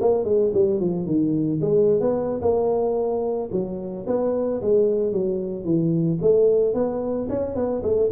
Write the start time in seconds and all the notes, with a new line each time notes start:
0.00 A#3
0.24 G#3
0.53 G3
0.80 F3
1.06 D#3
1.61 G#3
2.00 B3
2.41 A#3
3.51 F#3
4.07 B3
4.61 G#3
5.12 F#3
5.64 E3
6.21 A3
6.74 B3
7.29 C#4
7.55 B3
7.82 A3